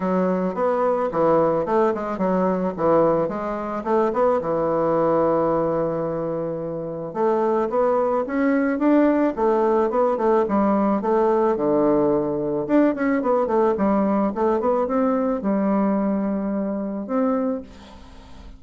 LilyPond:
\new Staff \with { instrumentName = "bassoon" } { \time 4/4 \tempo 4 = 109 fis4 b4 e4 a8 gis8 | fis4 e4 gis4 a8 b8 | e1~ | e4 a4 b4 cis'4 |
d'4 a4 b8 a8 g4 | a4 d2 d'8 cis'8 | b8 a8 g4 a8 b8 c'4 | g2. c'4 | }